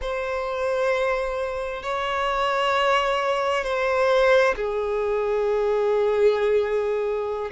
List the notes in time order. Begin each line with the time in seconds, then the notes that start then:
0.01 C5
1.83 C#5
3.64 C5
4.55 G#4